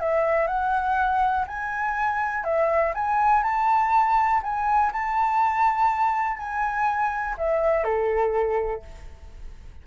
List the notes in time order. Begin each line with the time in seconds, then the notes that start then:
0.00 E5
0.47 F#5
1.47 G#5
2.44 E5
2.94 G#5
3.44 A5
4.43 G#5
4.93 A5
6.37 G#5
7.38 E5
7.84 A4